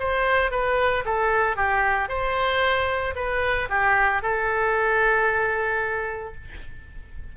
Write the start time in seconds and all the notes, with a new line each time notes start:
0.00 C5
0.52 B4
1.05 A4
1.57 G4
2.09 C5
3.16 B4
3.70 G4
4.23 A4